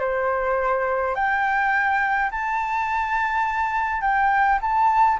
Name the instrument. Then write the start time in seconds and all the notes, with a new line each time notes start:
flute
0.00 C5
1.15 G5
2.31 A5
4.01 G5
4.62 A5